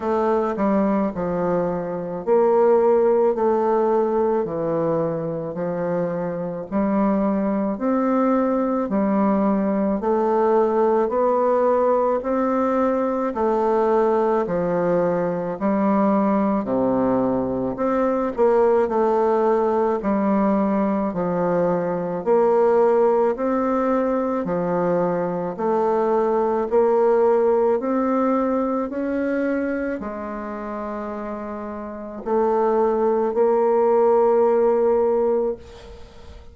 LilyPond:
\new Staff \with { instrumentName = "bassoon" } { \time 4/4 \tempo 4 = 54 a8 g8 f4 ais4 a4 | e4 f4 g4 c'4 | g4 a4 b4 c'4 | a4 f4 g4 c4 |
c'8 ais8 a4 g4 f4 | ais4 c'4 f4 a4 | ais4 c'4 cis'4 gis4~ | gis4 a4 ais2 | }